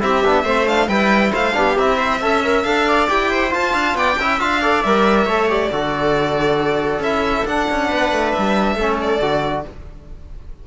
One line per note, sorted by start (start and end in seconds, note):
0.00 0.24 C4
0.00 0.22 E4
0.00 0.44 G4
0.00 0.68 E5
0.24 0.44 B3
0.24 0.46 D4
0.44 0.88 A3
0.44 0.66 C4
0.44 0.88 C5
0.66 0.88 D4
0.66 0.89 F5
0.88 1.32 G3
0.88 1.53 E4
0.88 1.33 B4
0.88 1.32 G5
1.33 1.56 A3
1.33 1.55 C5
1.33 1.78 F5
1.53 1.78 B3
1.53 1.75 D4
1.53 1.98 G4
1.78 2.21 C4
1.78 2.21 E4
1.78 2.63 E5
1.98 2.20 C5
2.21 2.65 C#4
2.21 2.44 A4
2.21 2.86 E5
2.44 2.66 A#4
2.63 3.09 D4
2.63 3.08 A4
2.63 3.07 F5
2.88 3.30 D5
3.08 3.54 E4
3.08 3.50 G4
3.08 3.53 G5
3.30 3.74 C5
3.50 4.15 F4
3.50 3.73 F4
3.50 3.97 A5
3.73 3.94 D4
3.73 3.96 F5
3.94 4.16 B3
3.94 4.20 D5
3.94 4.40 G5
4.19 4.41 C#4
4.19 4.39 E4
4.19 4.62 E5
4.39 4.84 D4
4.39 4.61 F4
4.39 4.83 F5
4.62 4.84 A4
4.62 5.26 D5
4.83 5.26 G3
4.83 5.28 A#4
4.83 5.49 E5
5.26 5.70 A3
5.26 5.49 A4
5.26 5.69 C#5
5.49 5.71 G4
5.49 7.03 D5
5.72 6.99 D3
5.72 7.03 F#4
5.72 7.87 A4
6.99 7.43 C#4
6.99 7.47 E4
6.99 7.47 E5
7.45 7.67 D4
7.45 8.79 D4
7.45 8.32 F#5
7.71 7.92 C#4
7.87 8.12 B3
7.87 8.75 B4
8.12 8.34 A3
8.32 8.98 E5
8.39 8.76 G3
8.75 9.19 A3
8.75 9.22 C#4
8.75 9.63 A4
9.01 9.67 D5
9.20 9.64 D3
9.20 9.65 F#4